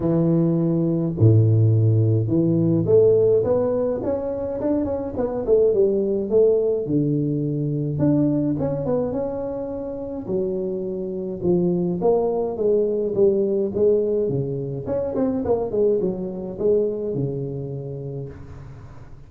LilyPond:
\new Staff \with { instrumentName = "tuba" } { \time 4/4 \tempo 4 = 105 e2 a,2 | e4 a4 b4 cis'4 | d'8 cis'8 b8 a8 g4 a4 | d2 d'4 cis'8 b8 |
cis'2 fis2 | f4 ais4 gis4 g4 | gis4 cis4 cis'8 c'8 ais8 gis8 | fis4 gis4 cis2 | }